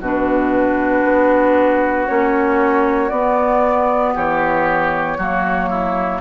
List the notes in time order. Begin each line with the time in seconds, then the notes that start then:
0.00 B2 D4 F#4 B4
1.04 B3
2.06 A#3 C#4 C#5
3.09 B3 D5
4.14 E3 G4 C#5
5.17 F#3 A#3 F#4
5.69 E4